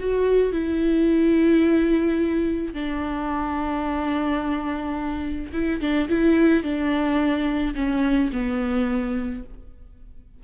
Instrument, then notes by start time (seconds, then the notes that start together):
viola
0.00 F#4
0.53 E4
2.74 D4
5.54 E4
5.81 D4
6.09 E4
6.64 D4
7.76 C#4
8.33 B3